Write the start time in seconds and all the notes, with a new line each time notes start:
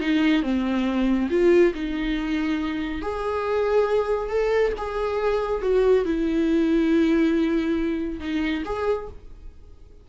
0.00 D#4
0.42 C4
1.30 F4
1.74 D#4
3.01 G#4
4.29 A4
4.77 G#4
5.61 F#4
6.05 E4
8.20 D#4
8.64 G#4